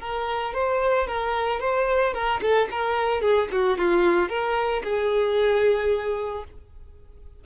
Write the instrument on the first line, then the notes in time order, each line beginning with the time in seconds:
violin
0.00 A#4
0.54 C5
1.07 A#4
1.60 C5
2.14 A#4
2.42 A4
2.71 A#4
3.21 G#4
3.52 F#4
3.77 F4
4.29 A#4
4.83 G#4